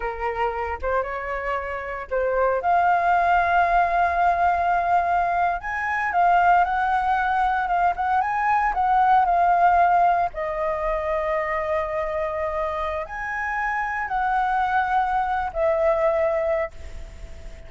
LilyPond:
\new Staff \with { instrumentName = "flute" } { \time 4/4 \tempo 4 = 115 ais'4. c''8 cis''2 | c''4 f''2.~ | f''2~ f''8. gis''4 f''16~ | f''8. fis''2 f''8 fis''8 gis''16~ |
gis''8. fis''4 f''2 dis''16~ | dis''1~ | dis''4 gis''2 fis''4~ | fis''4.~ fis''16 e''2~ e''16 | }